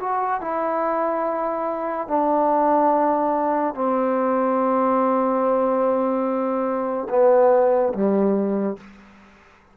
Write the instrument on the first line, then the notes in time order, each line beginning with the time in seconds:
trombone
0.00 F#4
0.41 E4
2.08 D4
3.75 C4
7.09 B3
7.94 G3